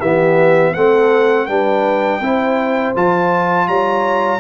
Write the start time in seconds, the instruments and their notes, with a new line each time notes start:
0.00 tuba E3, trombone B3, horn G4, trumpet E5
0.74 tuba A3, trombone C4, horn A4, trumpet F#5
1.46 tuba G3, trombone D4, horn B4, trumpet G5
2.21 tuba C4, trombone E4, horn C5
2.96 tuba F3, trombone F4, trumpet A5
3.68 tuba G3, horn C#5, trumpet A#5